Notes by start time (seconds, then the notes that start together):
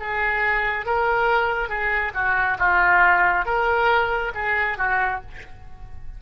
0.00 G#4
0.86 A#4
1.69 G#4
2.14 F#4
2.59 F4
3.45 A#4
4.35 G#4
4.78 F#4